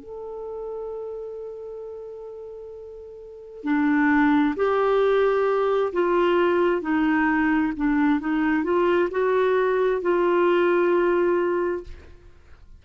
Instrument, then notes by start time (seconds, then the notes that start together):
clarinet
0.00 A4
3.64 D4
4.57 G4
5.93 F4
6.82 D#4
7.77 D4
8.20 D#4
8.64 F4
9.11 F#4
10.02 F4